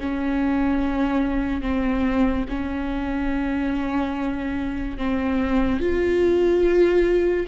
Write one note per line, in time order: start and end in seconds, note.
0.00 1.62 C#4
1.62 2.45 C4
2.49 4.98 C#4
4.98 5.80 C4
5.80 7.47 F4